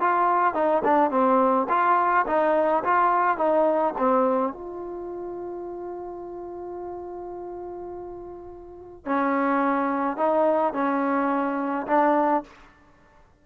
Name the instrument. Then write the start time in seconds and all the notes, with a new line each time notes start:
trombone
0.00 F4
0.54 D#4
0.84 D4
1.10 C4
1.69 F4
2.26 D#4
2.84 F4
3.37 D#4
3.98 C4
4.52 F4
9.05 C#4
10.17 D#4
10.73 C#4
11.87 D4